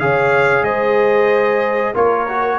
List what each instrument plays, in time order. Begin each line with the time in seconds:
0.00 tuba C#3, trombone G#4, horn C#5, trumpet F5
0.63 tuba G#3, horn C5, trumpet D#5
1.95 tuba A#3, trombone F4, horn A#4, trumpet C#5
2.29 trombone F#4